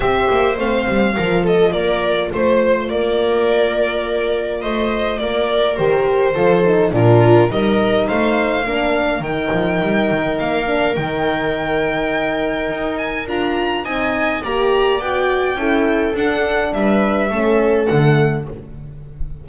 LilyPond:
<<
  \new Staff \with { instrumentName = "violin" } { \time 4/4 \tempo 4 = 104 e''4 f''4. dis''8 d''4 | c''4 d''2. | dis''4 d''4 c''2 | ais'4 dis''4 f''2 |
g''2 f''4 g''4~ | g''2~ g''8 gis''8 ais''4 | gis''4 ais''4 g''2 | fis''4 e''2 fis''4 | }
  \new Staff \with { instrumentName = "viola" } { \time 4/4 c''2 ais'8 a'8 ais'4 | c''4 ais'2. | c''4 ais'2 a'4 | f'4 ais'4 c''4 ais'4~ |
ais'1~ | ais'1 | dis''4 d''2 a'4~ | a'4 b'4 a'2 | }
  \new Staff \with { instrumentName = "horn" } { \time 4/4 g'4 c'4 f'2~ | f'1~ | f'2 g'4 f'8 dis'8 | d'4 dis'2 d'4 |
dis'2~ dis'8 d'8 dis'4~ | dis'2. f'4 | dis'4 g'4 fis'4 e'4 | d'2 cis'4 a4 | }
  \new Staff \with { instrumentName = "double bass" } { \time 4/4 c'8 ais8 a8 g8 f4 ais4 | a4 ais2. | a4 ais4 dis4 f4 | ais,4 g4 a4 ais4 |
dis8 f8 g8 dis8 ais4 dis4~ | dis2 dis'4 d'4 | c'4 ais4 b4 cis'4 | d'4 g4 a4 d4 | }
>>